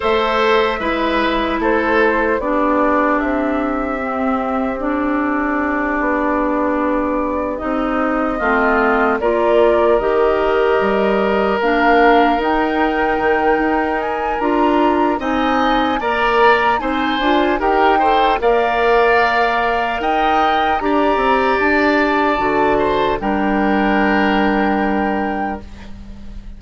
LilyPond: <<
  \new Staff \with { instrumentName = "flute" } { \time 4/4 \tempo 4 = 75 e''2 c''4 d''4 | e''2 d''2~ | d''4. dis''2 d''8~ | d''8 dis''2 f''4 g''8~ |
g''4. gis''8 ais''4 gis''4 | ais''4 gis''4 g''4 f''4~ | f''4 g''4 ais''4 a''4~ | a''4 g''2. | }
  \new Staff \with { instrumentName = "oboe" } { \time 4/4 c''4 b'4 a'4 g'4~ | g'1~ | g'2~ g'8 f'4 ais'8~ | ais'1~ |
ais'2. dis''4 | d''4 c''4 ais'8 c''8 d''4~ | d''4 dis''4 d''2~ | d''8 c''8 ais'2. | }
  \new Staff \with { instrumentName = "clarinet" } { \time 4/4 a'4 e'2 d'4~ | d'4 c'4 d'2~ | d'4. dis'4 c'4 f'8~ | f'8 g'2 d'4 dis'8~ |
dis'2 f'4 dis'4 | ais'4 dis'8 f'8 g'8 a'8 ais'4~ | ais'2 g'2 | fis'4 d'2. | }
  \new Staff \with { instrumentName = "bassoon" } { \time 4/4 a4 gis4 a4 b4 | c'2.~ c'8 b8~ | b4. c'4 a4 ais8~ | ais8 dis4 g4 ais4 dis'8~ |
dis'8 dis8 dis'4 d'4 c'4 | ais4 c'8 d'8 dis'4 ais4~ | ais4 dis'4 d'8 c'8 d'4 | d4 g2. | }
>>